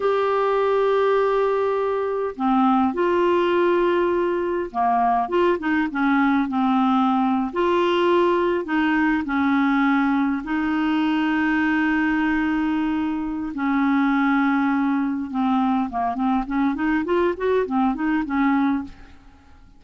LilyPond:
\new Staff \with { instrumentName = "clarinet" } { \time 4/4 \tempo 4 = 102 g'1 | c'4 f'2. | ais4 f'8 dis'8 cis'4 c'4~ | c'8. f'2 dis'4 cis'16~ |
cis'4.~ cis'16 dis'2~ dis'16~ | dis'2. cis'4~ | cis'2 c'4 ais8 c'8 | cis'8 dis'8 f'8 fis'8 c'8 dis'8 cis'4 | }